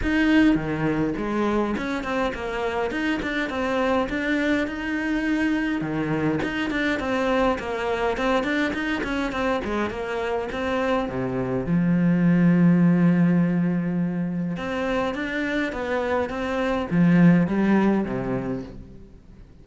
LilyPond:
\new Staff \with { instrumentName = "cello" } { \time 4/4 \tempo 4 = 103 dis'4 dis4 gis4 cis'8 c'8 | ais4 dis'8 d'8 c'4 d'4 | dis'2 dis4 dis'8 d'8 | c'4 ais4 c'8 d'8 dis'8 cis'8 |
c'8 gis8 ais4 c'4 c4 | f1~ | f4 c'4 d'4 b4 | c'4 f4 g4 c4 | }